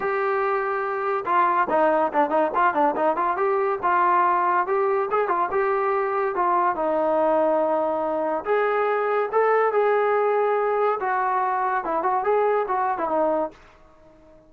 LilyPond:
\new Staff \with { instrumentName = "trombone" } { \time 4/4 \tempo 4 = 142 g'2. f'4 | dis'4 d'8 dis'8 f'8 d'8 dis'8 f'8 | g'4 f'2 g'4 | gis'8 f'8 g'2 f'4 |
dis'1 | gis'2 a'4 gis'4~ | gis'2 fis'2 | e'8 fis'8 gis'4 fis'8. e'16 dis'4 | }